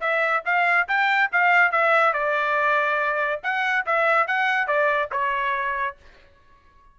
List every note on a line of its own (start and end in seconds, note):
0.00 0.43 E5
0.45 0.87 F5
0.87 1.30 G5
1.32 1.71 F5
1.71 2.13 E5
2.13 3.40 D5
3.43 3.85 F#5
3.85 4.27 E5
4.27 4.67 F#5
4.67 5.09 D5
5.11 5.96 C#5